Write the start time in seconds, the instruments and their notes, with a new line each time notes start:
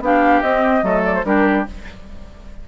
0.00 bassoon B3, clarinet D4, oboe G4, flute F5
0.41 bassoon C4, clarinet C4, flute D#5
0.82 bassoon F#3, clarinet A3, oboe A4
1.05 flute D5
1.14 flute C5
1.24 bassoon G3, clarinet D4, oboe G4, flute A#4